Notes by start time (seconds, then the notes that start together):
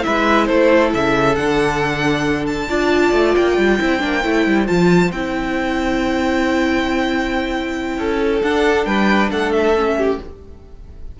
0.00 E4 B4 E5
0.07 G#3
0.46 A3 A4 C5
0.94 C#3 E5
1.35 D3 D4 F#5
2.46 A5
2.69 D4 F4 D5
3.11 A3
3.36 A#3 G5
3.57 G3
3.79 C4 E4 C5
3.99 A#3 D4
4.23 A3 E4
4.46 G3
4.67 F3 F4 A5
5.11 C4 E4 G5
7.97 C#4 A4
8.42 D4 F#5
8.85 G3 B4 G5
9.30 A3 A4 F#5
9.52 E5
9.76 C#4
9.97 G4